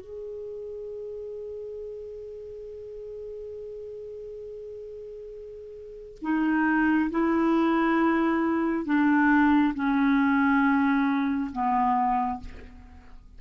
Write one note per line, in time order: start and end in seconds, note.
0.00 6.18 G#4
6.22 7.10 D#4
7.10 8.85 E4
8.85 9.73 D4
9.74 11.51 C#4
11.52 12.40 B3